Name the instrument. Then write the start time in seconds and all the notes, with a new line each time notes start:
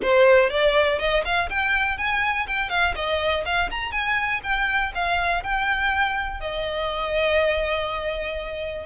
violin
0.02 C5
0.49 D5
0.98 D#5
1.24 F5
1.49 G5
1.97 G#5
2.47 G5
2.69 F5
2.95 D#5
3.45 F5
3.70 A#5
3.91 G#5
4.43 G5
4.94 F5
5.43 G5
6.40 D#5